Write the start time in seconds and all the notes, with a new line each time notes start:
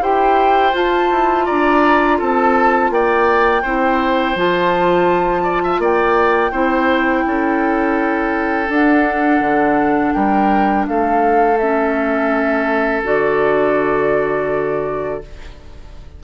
0.00 E4 G4 C5 G5
0.72 F4 A5
1.11 E4
1.45 D4 D5 A#5
2.18 C4 A4 A5
2.90 A#3 D5 G5
3.62 C4 E4 C5
4.35 F3 F4 A5
5.43 D5
5.63 E5
5.79 A#3 D5 G5
6.51 C4 E4 C5
7.26 C#4 A4
8.66 D4 F#5
9.40 D3
10.13 G3 A#4 G5
10.87 A3 A4 F5
11.57 C#4 E5
13.04 D3 F#4 D5